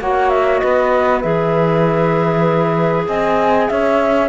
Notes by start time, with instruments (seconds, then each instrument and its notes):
0.00 cello A#3, clarinet F#4, saxophone C#5, flute F#5
0.30 flute E5
0.58 cello B3, saxophone B4, flute D#5
1.21 cello E3, clarinet G#4, flute E5
3.07 cello C4, saxophone D#5, flute G#5
3.68 cello C#4, saxophone C#5, flute E5